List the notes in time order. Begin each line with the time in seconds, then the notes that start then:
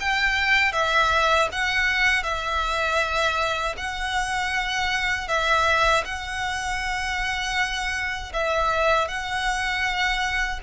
0.00 G5
0.72 E5
1.52 F#5
2.23 E5
3.77 F#5
5.28 E5
6.05 F#5
8.33 E5
9.08 F#5